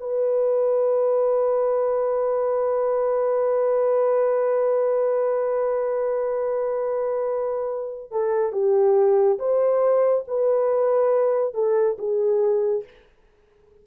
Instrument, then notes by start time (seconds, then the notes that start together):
horn
0.00 B4
8.11 A4
8.53 G4
9.39 C5
10.28 B4
11.54 A4
11.98 G#4